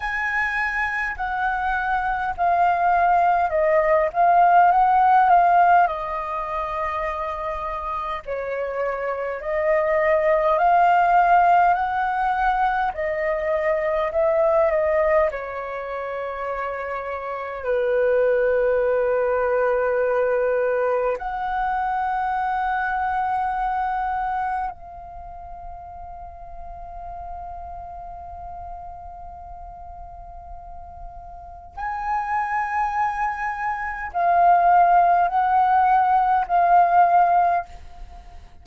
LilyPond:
\new Staff \with { instrumentName = "flute" } { \time 4/4 \tempo 4 = 51 gis''4 fis''4 f''4 dis''8 f''8 | fis''8 f''8 dis''2 cis''4 | dis''4 f''4 fis''4 dis''4 | e''8 dis''8 cis''2 b'4~ |
b'2 fis''2~ | fis''4 f''2.~ | f''2. gis''4~ | gis''4 f''4 fis''4 f''4 | }